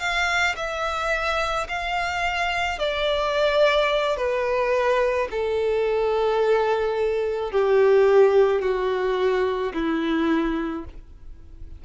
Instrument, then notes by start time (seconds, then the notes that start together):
violin
0.00 F5
0.57 E5
1.69 F5
2.79 D5
4.17 B4
5.31 A4
7.52 G4
8.62 F#4
9.74 E4